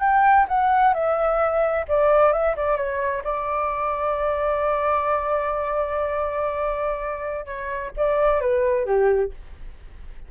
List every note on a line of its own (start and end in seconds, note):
0.00 0.46 G5
0.48 0.93 F#5
0.93 1.85 E5
1.88 2.32 D5
2.32 2.55 E5
2.56 2.76 D5
2.76 3.22 C#5
3.24 7.45 D5
7.45 7.91 C#5
7.96 8.40 D5
8.40 8.85 B4
8.85 9.31 G4